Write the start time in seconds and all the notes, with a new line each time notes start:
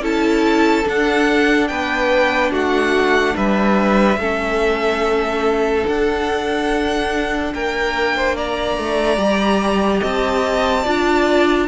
0.00 C#4 E4 A4 A5
0.85 D4 F#5
1.68 B3 B4 G5
2.51 A3 F#4 F#5
3.36 G3 B4 E5
4.17 A3 C#4 A4
5.85 D4 F#5
7.54 A#3 A#4 G5
8.16 C5
8.36 D5 A#5
8.78 A3
9.18 G3 G4
10.00 C4 D#5 A5
10.83 D4 F4 D5